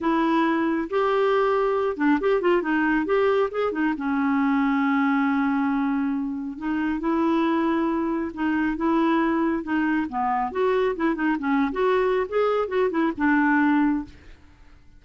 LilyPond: \new Staff \with { instrumentName = "clarinet" } { \time 4/4 \tempo 4 = 137 e'2 g'2~ | g'8 d'8 g'8 f'8 dis'4 g'4 | gis'8 dis'8 cis'2.~ | cis'2. dis'4 |
e'2. dis'4 | e'2 dis'4 b4 | fis'4 e'8 dis'8 cis'8. fis'4~ fis'16 | gis'4 fis'8 e'8 d'2 | }